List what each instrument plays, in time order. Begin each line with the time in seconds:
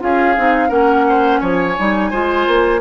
0.00 bassoon C#4, clarinet F4, oboe G#4, flute F5
0.38 bassoon C4, clarinet D#4
0.69 bassoon A#3, clarinet C#4, oboe A#4, flute F#5
1.10 oboe C5
1.41 bassoon F3, oboe C#5, flute G#5
1.79 bassoon G3, clarinet D#4
2.11 bassoon G#3, clarinet F4, oboe C5
2.47 bassoon A#3